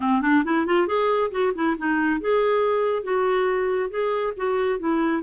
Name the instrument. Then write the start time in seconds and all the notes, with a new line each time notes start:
clarinet
0.00 C4
0.21 D4
0.44 E4
0.66 F4
0.87 G#4
1.31 F#4
1.54 E4
1.77 D#4
2.20 G#4
3.03 F#4
3.89 G#4
4.36 F#4
4.79 E4